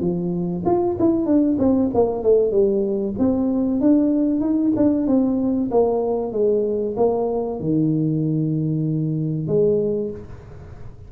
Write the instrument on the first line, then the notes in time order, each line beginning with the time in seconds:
tuba
0.00 F3
0.65 F4
0.99 E4
1.25 D4
1.58 C4
1.94 A#3
2.23 A3
2.51 G3
3.18 C4
3.81 D4
4.40 D#4
4.76 D4
5.07 C4
5.71 A#3
6.32 G#3
6.96 A#3
7.60 D#3
9.47 G#3